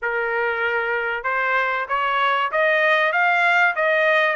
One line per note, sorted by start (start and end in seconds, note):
0.02 1.23 A#4
1.23 1.86 C5
1.88 2.51 C#5
2.51 3.12 D#5
3.12 3.74 F5
3.75 4.35 D#5